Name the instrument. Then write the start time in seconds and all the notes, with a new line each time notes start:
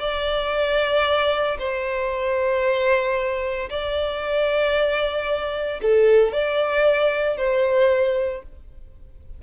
violin
0.00 D5
1.59 C5
3.70 D5
5.82 A4
6.33 D5
7.38 C5